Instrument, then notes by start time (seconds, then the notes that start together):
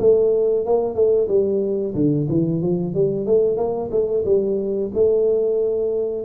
tuba
0.00 A3
0.66 A#3
0.95 A3
1.28 G3
1.95 D3
2.30 E3
2.62 F3
2.95 G3
3.26 A3
3.57 A#3
3.91 A3
4.26 G3
4.95 A3